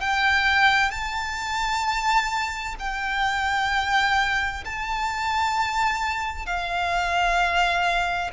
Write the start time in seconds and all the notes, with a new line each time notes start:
0.00 G5
0.91 A5
2.79 G5
4.64 A5
6.46 F5